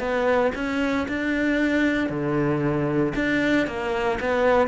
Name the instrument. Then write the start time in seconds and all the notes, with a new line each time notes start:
cello
0.00 B3
0.55 C#4
1.09 D4
2.10 D3
3.16 D4
3.67 A#3
4.21 B3